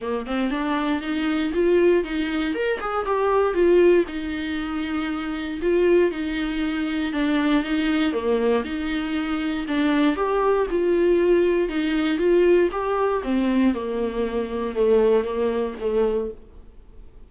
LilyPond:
\new Staff \with { instrumentName = "viola" } { \time 4/4 \tempo 4 = 118 ais8 c'8 d'4 dis'4 f'4 | dis'4 ais'8 gis'8 g'4 f'4 | dis'2. f'4 | dis'2 d'4 dis'4 |
ais4 dis'2 d'4 | g'4 f'2 dis'4 | f'4 g'4 c'4 ais4~ | ais4 a4 ais4 a4 | }